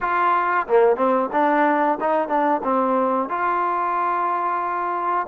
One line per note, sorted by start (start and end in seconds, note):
0.00 0.66 F4
0.67 0.96 A#3
0.96 1.29 C4
1.32 1.98 D4
2.00 2.28 D#4
2.28 2.61 D4
2.63 3.29 C4
3.29 5.27 F4